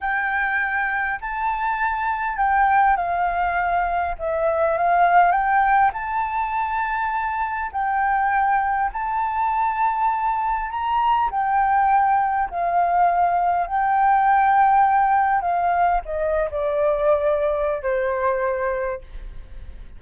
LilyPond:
\new Staff \with { instrumentName = "flute" } { \time 4/4 \tempo 4 = 101 g''2 a''2 | g''4 f''2 e''4 | f''4 g''4 a''2~ | a''4 g''2 a''4~ |
a''2 ais''4 g''4~ | g''4 f''2 g''4~ | g''2 f''4 dis''8. d''16~ | d''2 c''2 | }